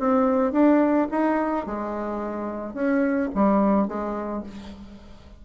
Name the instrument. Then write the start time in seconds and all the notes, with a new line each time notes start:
bassoon
0.00 C4
0.53 D4
1.12 D#4
1.67 G#3
2.74 C#4
3.35 G3
3.88 G#3